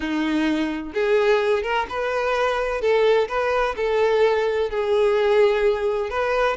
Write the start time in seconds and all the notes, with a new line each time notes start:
0.00 D#4
0.93 G#4
1.62 A#4
1.89 B4
2.81 A4
3.28 B4
3.76 A4
4.70 G#4
6.10 B4